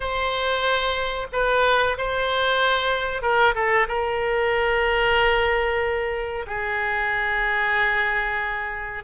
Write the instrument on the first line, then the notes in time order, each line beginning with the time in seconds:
oboe
0.00 C5
1.32 B4
1.97 C5
3.22 A#4
3.55 A4
3.88 A#4
6.47 G#4